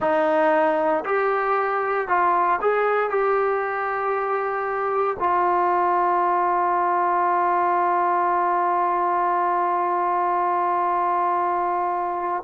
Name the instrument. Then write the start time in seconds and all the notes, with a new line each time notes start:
trombone
0.00 D#4
1.05 G4
2.07 F4
2.61 G#4
3.10 G4
5.19 F4